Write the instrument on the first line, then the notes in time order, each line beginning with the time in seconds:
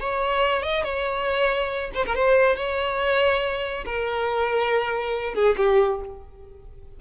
violin
0.00 C#5
0.63 D#5
0.84 C#5
1.95 C5
2.06 A#4
2.15 C5
2.56 C#5
3.86 A#4
5.35 G#4
5.57 G4